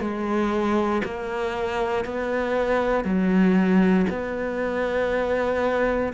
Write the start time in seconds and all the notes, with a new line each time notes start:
0.00 G#3
1.04 A#3
2.04 B3
3.04 F#3
4.09 B3